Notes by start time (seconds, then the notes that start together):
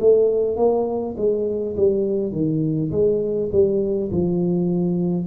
0.00 A3
0.57 A#3
1.18 G#3
1.77 G3
2.32 D#3
2.91 G#3
3.52 G3
4.11 F3